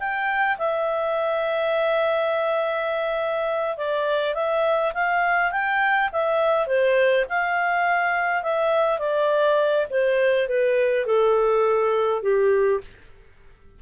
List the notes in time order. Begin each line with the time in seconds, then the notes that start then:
0.00 G5
0.59 E5
3.78 D5
4.35 E5
4.95 F5
5.52 G5
6.13 E5
6.68 C5
7.29 F5
8.44 E5
8.99 D5
9.91 C5
10.49 B4
11.07 A4
12.23 G4